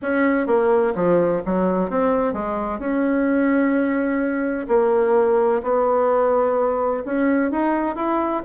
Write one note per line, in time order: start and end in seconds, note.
0.02 0.46 C#4
0.46 0.93 A#3
0.95 1.42 F3
1.45 1.90 F#3
1.90 2.33 C4
2.33 2.79 G#3
2.79 4.66 C#4
4.68 5.61 A#3
5.62 7.03 B3
7.05 7.51 C#4
7.51 7.95 D#4
7.95 8.42 E4